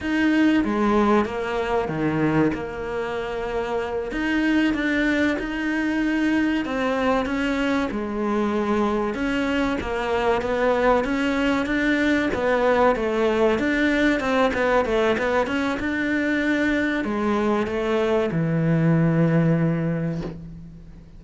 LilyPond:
\new Staff \with { instrumentName = "cello" } { \time 4/4 \tempo 4 = 95 dis'4 gis4 ais4 dis4 | ais2~ ais8 dis'4 d'8~ | d'8 dis'2 c'4 cis'8~ | cis'8 gis2 cis'4 ais8~ |
ais8 b4 cis'4 d'4 b8~ | b8 a4 d'4 c'8 b8 a8 | b8 cis'8 d'2 gis4 | a4 e2. | }